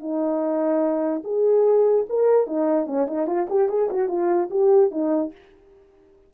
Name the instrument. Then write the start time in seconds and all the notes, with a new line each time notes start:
horn
0.00 D#4
1.24 G#4
2.09 A#4
2.47 D#4
2.87 C#4
3.07 D#4
3.27 F4
3.50 G4
3.69 G#4
3.91 F#4
4.09 F4
4.51 G4
4.91 D#4